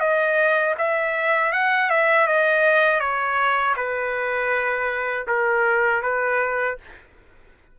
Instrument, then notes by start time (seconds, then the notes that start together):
trumpet
0.00 D#5
0.78 E5
1.53 F#5
1.90 E5
2.28 D#5
3.00 C#5
3.77 B4
5.28 A#4
6.03 B4